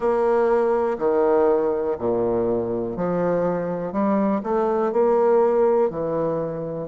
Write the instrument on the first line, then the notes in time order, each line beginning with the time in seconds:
bassoon
0.00 A#3
0.98 D#3
1.98 A#2
2.96 F3
3.92 G3
4.43 A3
4.92 A#3
5.90 E3